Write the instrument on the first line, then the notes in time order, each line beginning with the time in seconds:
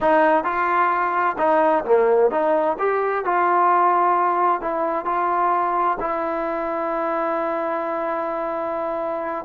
trombone
0.01 D#4
0.44 F4
1.38 D#4
1.85 A#3
2.31 D#4
2.78 G4
3.25 F4
4.61 E4
5.05 F4
5.99 E4